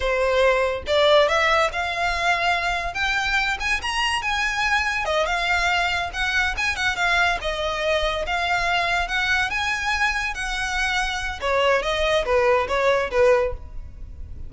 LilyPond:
\new Staff \with { instrumentName = "violin" } { \time 4/4 \tempo 4 = 142 c''2 d''4 e''4 | f''2. g''4~ | g''8 gis''8 ais''4 gis''2 | dis''8 f''2 fis''4 gis''8 |
fis''8 f''4 dis''2 f''8~ | f''4. fis''4 gis''4.~ | gis''8 fis''2~ fis''8 cis''4 | dis''4 b'4 cis''4 b'4 | }